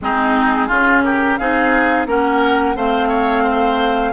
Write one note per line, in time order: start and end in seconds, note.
0.01 0.70 G#3
0.01 0.69 C4
0.01 0.67 D#4
0.01 1.03 G#4
0.67 1.39 C#3
0.67 1.38 C#4
0.67 1.02 F4
1.03 1.39 G4
1.03 1.37 A#4
1.37 2.06 C4
1.37 2.06 D#4
1.37 2.07 G#4
1.37 2.06 F5
2.06 2.75 A#3
2.06 2.75 C#4
2.06 2.76 A#4
2.06 2.77 F#5
2.75 4.13 A3
2.75 4.13 C4
2.75 3.08 C5
2.75 4.13 F5
3.08 3.43 C#5
3.43 4.12 C5